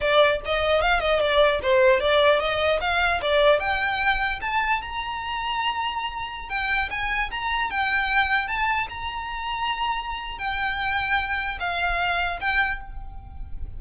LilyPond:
\new Staff \with { instrumentName = "violin" } { \time 4/4 \tempo 4 = 150 d''4 dis''4 f''8 dis''8 d''4 | c''4 d''4 dis''4 f''4 | d''4 g''2 a''4 | ais''1~ |
ais''16 g''4 gis''4 ais''4 g''8.~ | g''4~ g''16 a''4 ais''4.~ ais''16~ | ais''2 g''2~ | g''4 f''2 g''4 | }